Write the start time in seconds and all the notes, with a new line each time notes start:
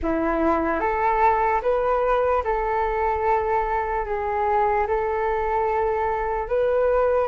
0.02 E4
0.80 A4
1.62 B4
2.44 A4
4.05 G#4
4.87 A4
6.48 B4